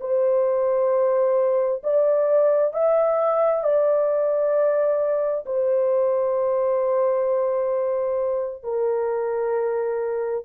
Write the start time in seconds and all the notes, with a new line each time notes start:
0.00 C5
1.83 D5
2.73 E5
3.63 D5
5.45 C5
8.63 A#4